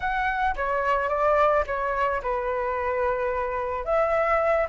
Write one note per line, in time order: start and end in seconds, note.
0.00 0.55 F#5
0.56 1.09 C#5
1.09 1.64 D5
1.66 2.21 C#5
2.22 3.84 B4
3.84 4.67 E5